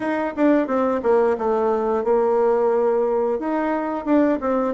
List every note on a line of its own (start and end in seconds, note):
0.00 0.33 D#4
0.36 0.67 D4
0.67 1.01 C4
1.03 1.36 A#3
1.38 2.04 A3
2.04 3.39 A#3
3.39 4.05 D#4
4.05 4.39 D4
4.40 4.74 C4